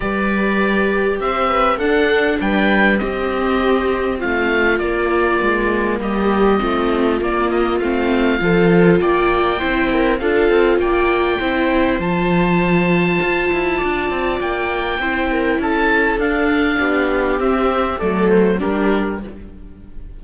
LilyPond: <<
  \new Staff \with { instrumentName = "oboe" } { \time 4/4 \tempo 4 = 100 d''2 e''4 fis''4 | g''4 dis''2 f''4 | d''2 dis''2 | d''8 dis''8 f''2 g''4~ |
g''4 f''4 g''2 | a''1 | g''2 a''4 f''4~ | f''4 e''4 d''8 c''8 ais'4 | }
  \new Staff \with { instrumentName = "viola" } { \time 4/4 b'2 c''8 b'8 a'4 | b'4 g'2 f'4~ | f'2 g'4 f'4~ | f'2 a'4 d''4 |
c''8 ais'8 a'4 d''4 c''4~ | c''2. d''4~ | d''4 c''8 ais'8 a'2 | g'2 a'4 g'4 | }
  \new Staff \with { instrumentName = "viola" } { \time 4/4 g'2. d'4~ | d'4 c'2. | ais2. c'4 | ais4 c'4 f'2 |
e'4 f'2 e'4 | f'1~ | f'4 e'2 d'4~ | d'4 c'4 a4 d'4 | }
  \new Staff \with { instrumentName = "cello" } { \time 4/4 g2 c'4 d'4 | g4 c'2 a4 | ais4 gis4 g4 a4 | ais4 a4 f4 ais4 |
c'4 d'8 c'8 ais4 c'4 | f2 f'8 e'8 d'8 c'8 | ais4 c'4 cis'4 d'4 | b4 c'4 fis4 g4 | }
>>